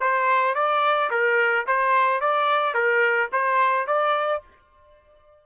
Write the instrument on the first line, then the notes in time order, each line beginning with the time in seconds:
trumpet
0.00 C5
0.55 D5
1.11 A#4
1.67 C5
2.21 D5
2.74 A#4
3.32 C5
3.87 D5